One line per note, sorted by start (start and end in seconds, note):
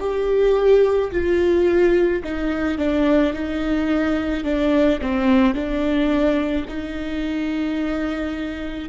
0.00 1.11 G4
1.11 2.22 F4
2.23 2.78 D#4
2.78 3.33 D4
3.33 4.43 D#4
4.43 4.99 D4
5.01 5.54 C4
5.54 6.65 D4
6.68 8.88 D#4